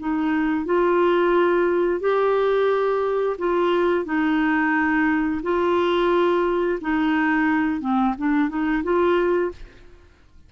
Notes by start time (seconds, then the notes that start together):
0.00 D#4
0.66 F4
2.01 G4
3.39 F4
4.06 D#4
5.43 F4
6.82 D#4
7.81 C4
8.18 D4
8.49 D#4
8.84 F4